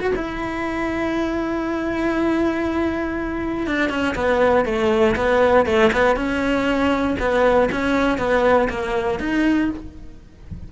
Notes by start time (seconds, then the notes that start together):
0.00 F#4
0.16 E4
3.67 D4
3.90 C#4
4.15 B3
4.65 A3
5.16 B3
5.66 A3
5.93 B3
6.16 C#4
7.19 B3
7.72 C#4
8.18 B3
8.70 A#3
9.20 D#4